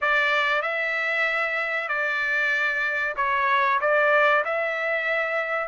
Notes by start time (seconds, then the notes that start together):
0.01 D5
0.62 E5
1.88 D5
3.16 C#5
3.81 D5
4.44 E5